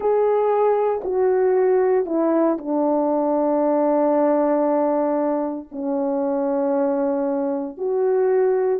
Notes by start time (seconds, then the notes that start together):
0.00 G#4
1.04 F#4
2.05 E4
2.58 D4
5.71 C#4
7.77 F#4